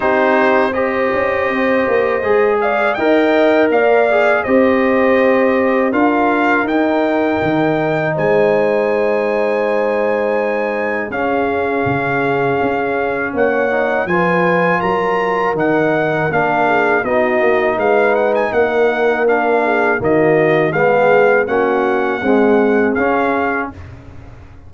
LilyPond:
<<
  \new Staff \with { instrumentName = "trumpet" } { \time 4/4 \tempo 4 = 81 c''4 dis''2~ dis''8 f''8 | g''4 f''4 dis''2 | f''4 g''2 gis''4~ | gis''2. f''4~ |
f''2 fis''4 gis''4 | ais''4 fis''4 f''4 dis''4 | f''8 fis''16 gis''16 fis''4 f''4 dis''4 | f''4 fis''2 f''4 | }
  \new Staff \with { instrumentName = "horn" } { \time 4/4 g'4 c''2~ c''8 d''8 | dis''4 d''4 c''2 | ais'2. c''4~ | c''2. gis'4~ |
gis'2 cis''4 b'4 | ais'2~ ais'8 gis'8 fis'4 | b'4 ais'4. gis'8 fis'4 | gis'4 fis'4 gis'2 | }
  \new Staff \with { instrumentName = "trombone" } { \time 4/4 dis'4 g'2 gis'4 | ais'4. gis'8 g'2 | f'4 dis'2.~ | dis'2. cis'4~ |
cis'2~ cis'8 dis'8 f'4~ | f'4 dis'4 d'4 dis'4~ | dis'2 d'4 ais4 | b4 cis'4 gis4 cis'4 | }
  \new Staff \with { instrumentName = "tuba" } { \time 4/4 c'4. cis'8 c'8 ais8 gis4 | dis'4 ais4 c'2 | d'4 dis'4 dis4 gis4~ | gis2. cis'4 |
cis4 cis'4 ais4 f4 | fis4 dis4 ais4 b8 ais8 | gis4 ais2 dis4 | gis4 ais4 c'4 cis'4 | }
>>